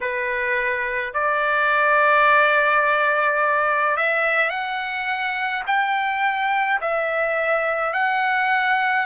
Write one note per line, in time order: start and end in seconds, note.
0.01 1.13 B4
1.13 3.96 D5
3.96 4.50 E5
4.50 5.63 F#5
5.66 6.79 G5
6.81 7.93 E5
7.93 9.06 F#5